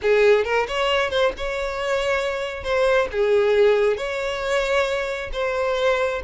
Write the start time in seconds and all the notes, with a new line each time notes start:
0.02 G#4
0.44 A#4
0.67 C#5
1.10 C5
1.37 C#5
2.63 C5
3.11 G#4
3.97 C#5
5.33 C5